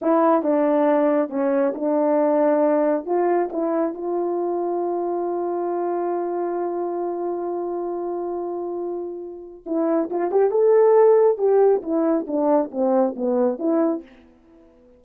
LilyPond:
\new Staff \with { instrumentName = "horn" } { \time 4/4 \tempo 4 = 137 e'4 d'2 cis'4 | d'2. f'4 | e'4 f'2.~ | f'1~ |
f'1~ | f'2 e'4 f'8 g'8 | a'2 g'4 e'4 | d'4 c'4 b4 e'4 | }